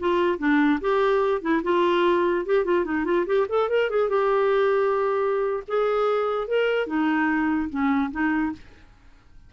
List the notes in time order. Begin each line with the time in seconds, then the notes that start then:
0.00 F4
0.39 D4
0.81 G4
1.42 E4
1.64 F4
2.46 G4
2.65 F4
2.85 D#4
3.05 F4
3.27 G4
3.49 A4
3.70 A#4
3.91 G#4
4.10 G4
5.68 G#4
6.48 A#4
6.88 D#4
7.70 C#4
8.12 D#4